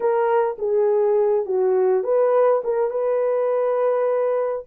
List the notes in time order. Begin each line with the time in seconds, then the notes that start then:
0.00 A#4
0.58 G#4
1.45 F#4
2.03 B4
2.63 A#4
2.90 B4